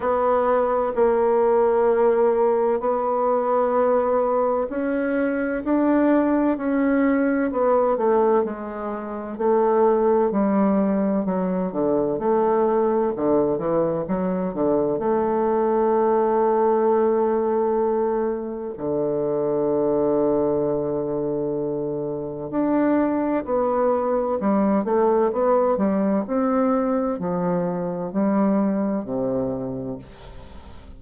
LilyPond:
\new Staff \with { instrumentName = "bassoon" } { \time 4/4 \tempo 4 = 64 b4 ais2 b4~ | b4 cis'4 d'4 cis'4 | b8 a8 gis4 a4 g4 | fis8 d8 a4 d8 e8 fis8 d8 |
a1 | d1 | d'4 b4 g8 a8 b8 g8 | c'4 f4 g4 c4 | }